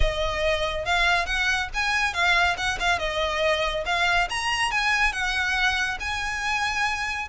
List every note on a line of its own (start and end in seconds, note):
0.00 0.85 D#5
0.85 1.25 F5
1.25 1.68 F#5
1.74 2.13 G#5
2.13 2.56 F5
2.57 2.78 F#5
2.79 2.98 F5
2.98 3.84 D#5
3.85 4.28 F5
4.29 4.71 A#5
4.71 5.12 G#5
5.12 5.98 F#5
6.00 7.28 G#5